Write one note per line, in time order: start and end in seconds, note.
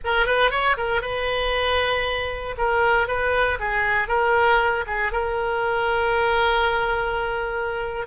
0.04 0.25 A#4
0.25 0.50 B4
0.50 0.76 C#5
0.77 1.01 A#4
1.01 2.55 B4
2.57 3.07 A#4
3.07 3.58 B4
3.59 4.07 G#4
4.07 4.84 A#4
4.86 5.11 G#4
5.11 8.06 A#4